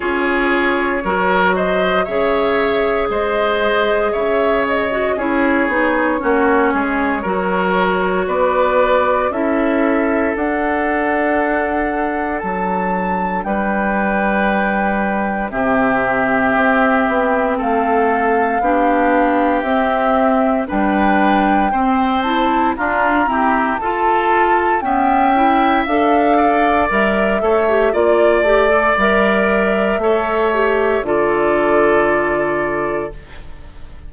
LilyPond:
<<
  \new Staff \with { instrumentName = "flute" } { \time 4/4 \tempo 4 = 58 cis''4. dis''8 e''4 dis''4 | e''8 dis''8 cis''2. | d''4 e''4 fis''2 | a''4 g''2 e''4~ |
e''4 f''2 e''4 | g''4. a''8 ais''4 a''4 | g''4 f''4 e''4 d''4 | e''2 d''2 | }
  \new Staff \with { instrumentName = "oboe" } { \time 4/4 gis'4 ais'8 c''8 cis''4 c''4 | cis''4 gis'4 fis'8 gis'8 ais'4 | b'4 a'2.~ | a'4 b'2 g'4~ |
g'4 a'4 g'2 | b'4 c''4 f'8 g'8 a'4 | e''4. d''4 cis''8 d''4~ | d''4 cis''4 a'2 | }
  \new Staff \with { instrumentName = "clarinet" } { \time 4/4 f'4 fis'4 gis'2~ | gis'8. fis'16 e'8 dis'8 cis'4 fis'4~ | fis'4 e'4 d'2~ | d'2. c'4~ |
c'2 d'4 c'4 | d'4 c'8 e'8 d'8 c'8 f'4 | b8 e'8 a'4 ais'8 a'16 g'16 f'8 g'16 a'16 | ais'4 a'8 g'8 f'2 | }
  \new Staff \with { instrumentName = "bassoon" } { \time 4/4 cis'4 fis4 cis4 gis4 | cis4 cis'8 b8 ais8 gis8 fis4 | b4 cis'4 d'2 | fis4 g2 c4 |
c'8 b8 a4 b4 c'4 | g4 c'4 d'8 e'8 f'4 | cis'4 d'4 g8 a8 ais8 a8 | g4 a4 d2 | }
>>